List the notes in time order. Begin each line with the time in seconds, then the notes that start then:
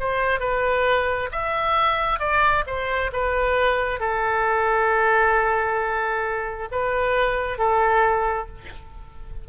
0.00 C5
0.40 B4
1.32 E5
2.20 D5
2.67 C5
3.13 B4
4.00 A4
6.72 B4
7.59 A4